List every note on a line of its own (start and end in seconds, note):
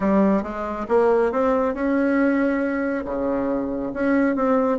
0.00 0.42 G3
0.42 0.86 G#3
0.88 1.31 A#3
1.31 1.74 C4
1.74 3.05 C#4
3.05 3.92 C#3
3.93 4.35 C#4
4.35 4.78 C4